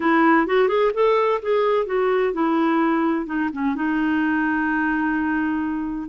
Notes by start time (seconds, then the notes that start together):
0.00 E4
0.47 F#4
0.68 G#4
0.94 A4
1.42 G#4
1.86 F#4
2.33 E4
3.26 D#4
3.52 C#4
3.75 D#4